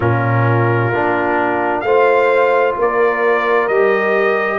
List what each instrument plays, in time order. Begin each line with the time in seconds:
0.00 tuba A#2, trombone C#4, horn F4, trumpet A#4
0.92 tuba A#3, trombone D4
1.81 tuba A3, trombone F4, horn C5, trumpet F5
2.77 tuba A#3, horn A#4, trumpet D5
3.67 tuba G3, trombone G4, trumpet D#5